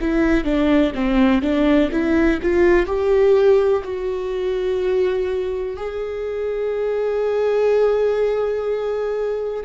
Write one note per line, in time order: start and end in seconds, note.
0.00 0.44 E4
0.44 0.92 D4
0.94 1.42 C4
1.42 1.90 D4
1.91 2.39 E4
2.42 2.85 F4
2.85 3.82 G4
3.84 5.76 F#4
5.76 9.63 G#4